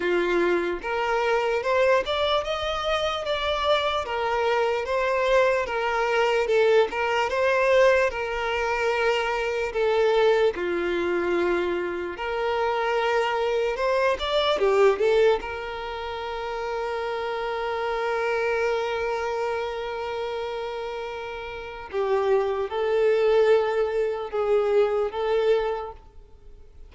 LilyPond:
\new Staff \with { instrumentName = "violin" } { \time 4/4 \tempo 4 = 74 f'4 ais'4 c''8 d''8 dis''4 | d''4 ais'4 c''4 ais'4 | a'8 ais'8 c''4 ais'2 | a'4 f'2 ais'4~ |
ais'4 c''8 d''8 g'8 a'8 ais'4~ | ais'1~ | ais'2. g'4 | a'2 gis'4 a'4 | }